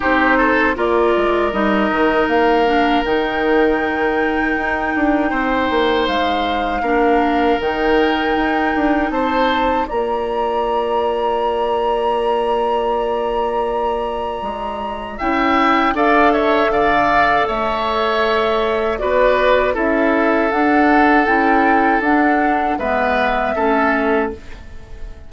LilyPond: <<
  \new Staff \with { instrumentName = "flute" } { \time 4/4 \tempo 4 = 79 c''4 d''4 dis''4 f''4 | g''1 | f''2 g''2 | a''4 ais''2.~ |
ais''1 | g''4 f''8 e''8 f''4 e''4~ | e''4 d''4 e''4 fis''4 | g''4 fis''4 e''2 | }
  \new Staff \with { instrumentName = "oboe" } { \time 4/4 g'8 a'8 ais'2.~ | ais'2. c''4~ | c''4 ais'2. | c''4 d''2.~ |
d''1 | e''4 d''8 cis''8 d''4 cis''4~ | cis''4 b'4 a'2~ | a'2 b'4 a'4 | }
  \new Staff \with { instrumentName = "clarinet" } { \time 4/4 dis'4 f'4 dis'4. d'8 | dis'1~ | dis'4 d'4 dis'2~ | dis'4 f'2.~ |
f'1 | e'4 a'2.~ | a'4 fis'4 e'4 d'4 | e'4 d'4 b4 cis'4 | }
  \new Staff \with { instrumentName = "bassoon" } { \time 4/4 c'4 ais8 gis8 g8 dis8 ais4 | dis2 dis'8 d'8 c'8 ais8 | gis4 ais4 dis4 dis'8 d'8 | c'4 ais2.~ |
ais2. gis4 | cis'4 d'4 d4 a4~ | a4 b4 cis'4 d'4 | cis'4 d'4 gis4 a4 | }
>>